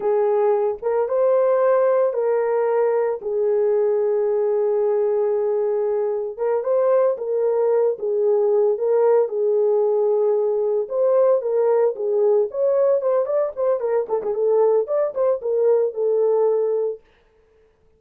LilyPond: \new Staff \with { instrumentName = "horn" } { \time 4/4 \tempo 4 = 113 gis'4. ais'8 c''2 | ais'2 gis'2~ | gis'1 | ais'8 c''4 ais'4. gis'4~ |
gis'8 ais'4 gis'2~ gis'8~ | gis'8 c''4 ais'4 gis'4 cis''8~ | cis''8 c''8 d''8 c''8 ais'8 a'16 gis'16 a'4 | d''8 c''8 ais'4 a'2 | }